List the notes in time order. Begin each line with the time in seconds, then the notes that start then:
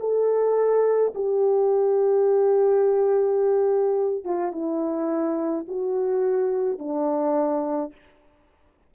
0.00 A4
1.15 G4
4.25 F4
4.52 E4
5.68 F#4
6.79 D4